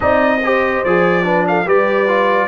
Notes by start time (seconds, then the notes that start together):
0.00 C4 D#4 D5 D#5
0.43 G4 C5
0.84 F3 G#4 D5
1.23 D4 B4
1.47 A4 F5
1.65 G3 G4 B4 D5
2.07 F4